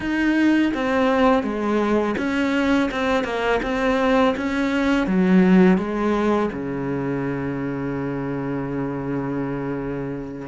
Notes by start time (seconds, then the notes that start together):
0.00 D#4
0.74 C4
1.43 G#3
2.17 C#4
2.91 C4
3.24 A#3
3.62 C4
4.36 C#4
5.06 F#3
5.77 G#3
6.52 C#3